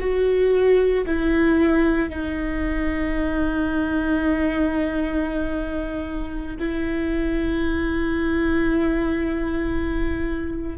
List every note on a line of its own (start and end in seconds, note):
0.00 1.05 F#4
1.06 2.10 E4
2.10 6.57 D#4
6.59 10.78 E4